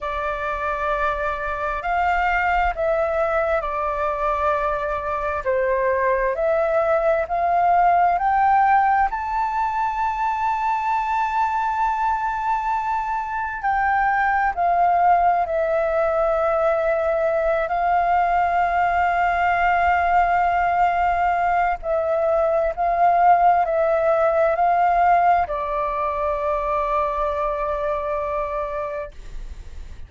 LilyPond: \new Staff \with { instrumentName = "flute" } { \time 4/4 \tempo 4 = 66 d''2 f''4 e''4 | d''2 c''4 e''4 | f''4 g''4 a''2~ | a''2. g''4 |
f''4 e''2~ e''8 f''8~ | f''1 | e''4 f''4 e''4 f''4 | d''1 | }